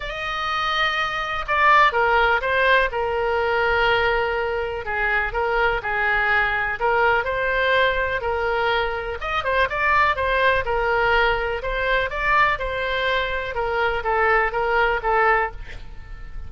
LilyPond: \new Staff \with { instrumentName = "oboe" } { \time 4/4 \tempo 4 = 124 dis''2. d''4 | ais'4 c''4 ais'2~ | ais'2 gis'4 ais'4 | gis'2 ais'4 c''4~ |
c''4 ais'2 dis''8 c''8 | d''4 c''4 ais'2 | c''4 d''4 c''2 | ais'4 a'4 ais'4 a'4 | }